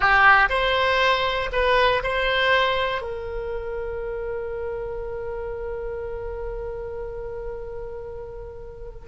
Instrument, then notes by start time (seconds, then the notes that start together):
oboe
0.00 G4
0.49 C5
1.52 B4
2.03 C5
3.01 A#4